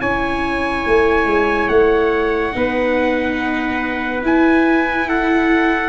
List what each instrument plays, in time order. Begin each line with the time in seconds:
0.00 tuba C#4, viola E4, trumpet C#5 G#5
0.86 tuba A3
1.25 tuba G#3
1.68 tuba A3, trumpet F#5
2.52 tuba B3, viola D#4, trumpet B4
4.21 tuba E4, viola E4, trumpet G#5
5.08 trumpet A4 F#5